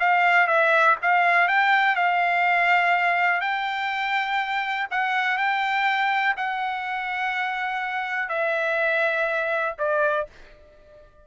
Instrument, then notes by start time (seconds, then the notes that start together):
trumpet
0.00 F5
0.47 E5
1.02 F5
1.48 G5
1.96 F5
3.41 G5
4.91 F#5
5.38 G5
6.37 F#5
8.29 E5
9.78 D5